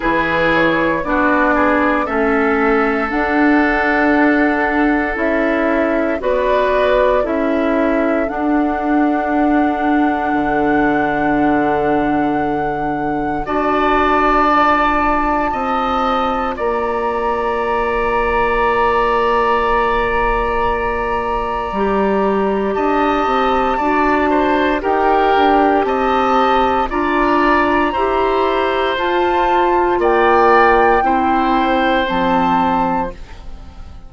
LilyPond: <<
  \new Staff \with { instrumentName = "flute" } { \time 4/4 \tempo 4 = 58 b'8 cis''8 d''4 e''4 fis''4~ | fis''4 e''4 d''4 e''4 | fis''1~ | fis''4 a''2. |
ais''1~ | ais''2 a''2 | g''4 a''4 ais''2 | a''4 g''2 a''4 | }
  \new Staff \with { instrumentName = "oboe" } { \time 4/4 gis'4 fis'8 gis'8 a'2~ | a'2 b'4 a'4~ | a'1~ | a'4 d''2 dis''4 |
d''1~ | d''2 dis''4 d''8 c''8 | ais'4 dis''4 d''4 c''4~ | c''4 d''4 c''2 | }
  \new Staff \with { instrumentName = "clarinet" } { \time 4/4 e'4 d'4 cis'4 d'4~ | d'4 e'4 fis'4 e'4 | d'1~ | d'4 fis'4 f'2~ |
f'1~ | f'4 g'2 fis'4 | g'2 f'4 g'4 | f'2 e'4 c'4 | }
  \new Staff \with { instrumentName = "bassoon" } { \time 4/4 e4 b4 a4 d'4~ | d'4 cis'4 b4 cis'4 | d'2 d2~ | d4 d'2 c'4 |
ais1~ | ais4 g4 d'8 c'8 d'4 | dis'8 d'8 c'4 d'4 e'4 | f'4 ais4 c'4 f4 | }
>>